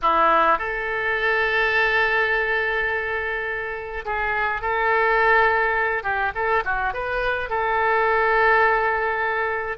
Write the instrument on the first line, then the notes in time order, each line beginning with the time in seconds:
oboe
0.02 E4
0.58 A4
4.05 G#4
4.61 A4
6.03 G4
6.35 A4
6.65 F#4
6.93 B4
7.49 A4